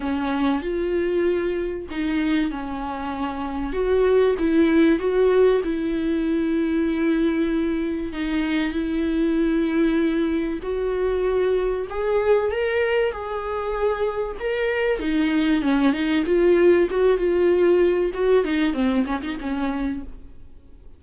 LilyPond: \new Staff \with { instrumentName = "viola" } { \time 4/4 \tempo 4 = 96 cis'4 f'2 dis'4 | cis'2 fis'4 e'4 | fis'4 e'2.~ | e'4 dis'4 e'2~ |
e'4 fis'2 gis'4 | ais'4 gis'2 ais'4 | dis'4 cis'8 dis'8 f'4 fis'8 f'8~ | f'4 fis'8 dis'8 c'8 cis'16 dis'16 cis'4 | }